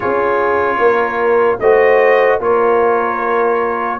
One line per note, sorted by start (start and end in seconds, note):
0.00 0.78 C#4
0.00 1.59 F4
0.00 0.77 G#4
0.00 1.59 C#5
0.78 1.58 A#3
0.78 1.59 A#4
1.59 2.39 A3
1.59 2.40 F#4
1.59 2.39 C5
1.59 2.39 D#5
2.39 3.99 A#3
2.39 4.00 F4
2.39 3.99 A#4
2.39 4.00 C#5